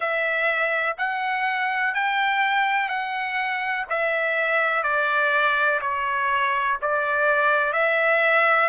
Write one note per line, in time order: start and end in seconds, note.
0.00 0.96 E5
0.97 1.94 F#5
1.94 2.89 G5
2.89 3.85 F#5
3.89 4.83 E5
4.83 5.79 D5
5.81 6.77 C#5
6.81 7.72 D5
7.72 8.69 E5